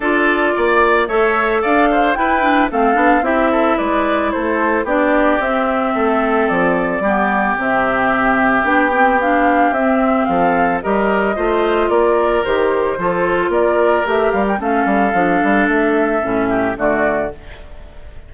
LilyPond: <<
  \new Staff \with { instrumentName = "flute" } { \time 4/4 \tempo 4 = 111 d''2 e''4 f''4 | g''4 f''4 e''4 d''4 | c''4 d''4 e''2 | d''2 e''2 |
g''4 f''4 e''4 f''4 | dis''2 d''4 c''4~ | c''4 d''4 e''8 f''16 g''16 f''4~ | f''4 e''2 d''4 | }
  \new Staff \with { instrumentName = "oboe" } { \time 4/4 a'4 d''4 cis''4 d''8 c''8 | b'4 a'4 g'8 a'8 b'4 | a'4 g'2 a'4~ | a'4 g'2.~ |
g'2. a'4 | ais'4 c''4 ais'2 | a'4 ais'2 a'4~ | a'2~ a'8 g'8 fis'4 | }
  \new Staff \with { instrumentName = "clarinet" } { \time 4/4 f'2 a'2 | e'8 d'8 c'8 d'8 e'2~ | e'4 d'4 c'2~ | c'4 b4 c'2 |
d'8 c'8 d'4 c'2 | g'4 f'2 g'4 | f'2 g'4 cis'4 | d'2 cis'4 a4 | }
  \new Staff \with { instrumentName = "bassoon" } { \time 4/4 d'4 ais4 a4 d'4 | e'4 a8 b8 c'4 gis4 | a4 b4 c'4 a4 | f4 g4 c2 |
b2 c'4 f4 | g4 a4 ais4 dis4 | f4 ais4 a8 g8 a8 g8 | f8 g8 a4 a,4 d4 | }
>>